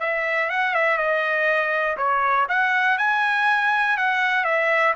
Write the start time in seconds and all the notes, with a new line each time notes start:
0.00 E5
0.50 F#5
0.74 E5
0.97 D#5
1.97 C#5
2.49 F#5
2.98 G#5
3.97 F#5
4.44 E5